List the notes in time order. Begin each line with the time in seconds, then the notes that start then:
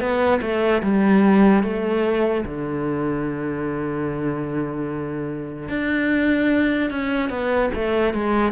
0.00 B3
0.42 A3
0.82 G3
1.63 A3
2.45 D3
5.69 D4
6.90 C#4
7.29 B3
7.74 A3
8.14 G#3